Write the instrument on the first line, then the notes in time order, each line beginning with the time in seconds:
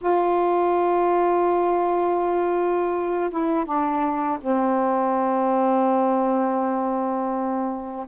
saxophone
0.01 F4
3.30 E4
3.65 D4
4.40 C4